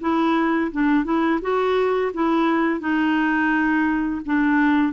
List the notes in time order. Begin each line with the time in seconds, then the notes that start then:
0.00 E4
0.71 D4
1.04 E4
1.41 F#4
2.13 E4
2.80 D#4
4.25 D4